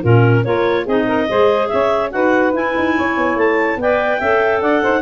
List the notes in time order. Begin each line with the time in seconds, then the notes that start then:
0.00 A#2 C#4 F4 A#4
0.44 A#3 F4 A#4 C#5
0.83 C4 D#4 G#4 D#5
1.06 A#4
1.28 G#3 G#4 C5
1.67 C#4 C#5 E5
2.10 D#4 F#4 B4 F#5
2.52 E4 G#5
2.76 D#4
2.96 C#4 C#5
3.16 B3
3.35 A3 A5
3.76 B3 B4 D5 G5
4.18 C#4 A4 E5
4.61 D4 D5 F#5
4.82 D#4 C5